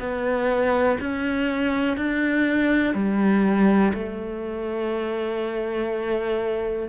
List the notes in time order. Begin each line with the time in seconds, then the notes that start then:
0.00 B3
1.01 C#4
1.97 D4
2.95 G3
3.94 A3